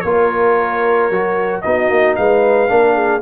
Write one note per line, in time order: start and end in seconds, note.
0.00 1.10 A#3
0.00 1.11 F4
0.00 1.64 A#4
0.00 1.59 C#5
1.10 1.63 F#3
1.10 1.63 F#4
1.61 1.89 B3
1.61 2.68 D#4
1.61 2.17 F#4
1.61 2.14 D#5
1.89 2.16 A#3
2.15 2.70 G#3
2.15 2.70 B4
2.15 3.22 F5
2.68 3.22 A#3
2.68 3.21 D4
2.68 2.94 A#4
2.94 3.21 G#4